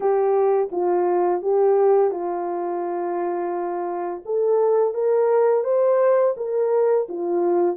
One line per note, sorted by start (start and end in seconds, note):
0.00 0.69 G4
0.71 1.42 F4
1.42 2.10 G4
2.10 4.22 F4
4.25 4.93 A4
4.93 5.64 A#4
5.64 6.34 C5
6.37 7.07 A#4
7.08 7.76 F4